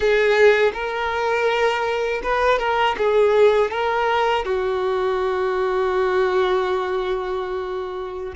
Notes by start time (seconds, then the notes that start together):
0.00 G#4
0.73 A#4
2.23 B4
2.58 A#4
2.97 G#4
3.70 A#4
4.44 F#4